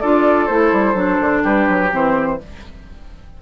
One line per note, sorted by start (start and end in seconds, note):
0.00 0.49 D4
0.00 0.49 F4
0.00 1.43 A4
0.00 0.46 D5
0.46 0.72 A3
0.46 0.94 E4
0.46 1.41 C5
0.72 0.94 G3
0.94 1.18 F#3
0.94 1.90 D4
1.20 1.44 D3
1.43 1.68 G3
1.43 2.38 G4
1.43 1.92 B4
1.68 1.92 F#3
1.90 2.40 E3
1.90 2.38 C4
1.90 2.42 C5